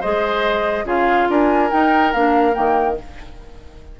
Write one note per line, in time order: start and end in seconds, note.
0.00 0.85 G#3
0.00 0.85 G#4
0.00 0.85 C5
0.00 0.86 D#5
0.85 1.27 C#3
0.85 1.69 F4
0.85 1.28 G#4
0.85 1.30 F5
1.29 1.71 D4
1.29 2.99 A#4
1.29 1.70 G#5
1.70 2.14 D#4
1.70 2.12 G5
2.12 2.56 A#3
2.12 2.53 D4
2.12 2.54 F5
2.53 3.00 D#3
2.53 2.95 A#3
2.53 2.96 G5